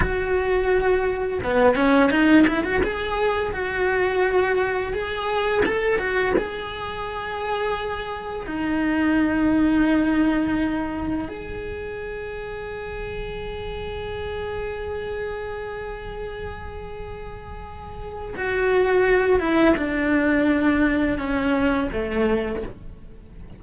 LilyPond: \new Staff \with { instrumentName = "cello" } { \time 4/4 \tempo 4 = 85 fis'2 b8 cis'8 dis'8 e'16 fis'16 | gis'4 fis'2 gis'4 | a'8 fis'8 gis'2. | dis'1 |
gis'1~ | gis'1~ | gis'2 fis'4. e'8 | d'2 cis'4 a4 | }